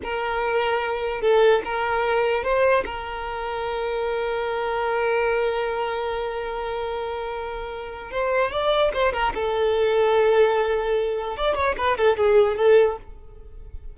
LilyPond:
\new Staff \with { instrumentName = "violin" } { \time 4/4 \tempo 4 = 148 ais'2. a'4 | ais'2 c''4 ais'4~ | ais'1~ | ais'1~ |
ais'1 | c''4 d''4 c''8 ais'8 a'4~ | a'1 | d''8 cis''8 b'8 a'8 gis'4 a'4 | }